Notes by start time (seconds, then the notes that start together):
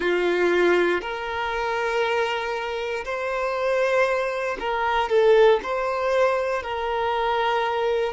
0.00 F4
1.01 A#4
3.04 C5
4.59 A#4
5.09 A4
5.63 C5
6.62 A#4